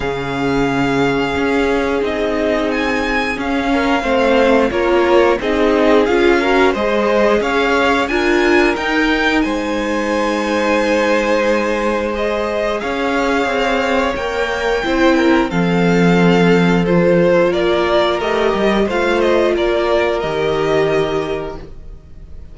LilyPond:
<<
  \new Staff \with { instrumentName = "violin" } { \time 4/4 \tempo 4 = 89 f''2. dis''4 | gis''4 f''2 cis''4 | dis''4 f''4 dis''4 f''4 | gis''4 g''4 gis''2~ |
gis''2 dis''4 f''4~ | f''4 g''2 f''4~ | f''4 c''4 d''4 dis''4 | f''8 dis''8 d''4 dis''2 | }
  \new Staff \with { instrumentName = "violin" } { \time 4/4 gis'1~ | gis'4. ais'8 c''4 ais'4 | gis'4. ais'8 c''4 cis''4 | ais'2 c''2~ |
c''2. cis''4~ | cis''2 c''8 ais'8 a'4~ | a'2 ais'2 | c''4 ais'2. | }
  \new Staff \with { instrumentName = "viola" } { \time 4/4 cis'2. dis'4~ | dis'4 cis'4 c'4 f'4 | dis'4 f'8 fis'8 gis'2 | f'4 dis'2.~ |
dis'2 gis'2~ | gis'4 ais'4 e'4 c'4~ | c'4 f'2 g'4 | f'2 g'2 | }
  \new Staff \with { instrumentName = "cello" } { \time 4/4 cis2 cis'4 c'4~ | c'4 cis'4 a4 ais4 | c'4 cis'4 gis4 cis'4 | d'4 dis'4 gis2~ |
gis2. cis'4 | c'4 ais4 c'4 f4~ | f2 ais4 a8 g8 | a4 ais4 dis2 | }
>>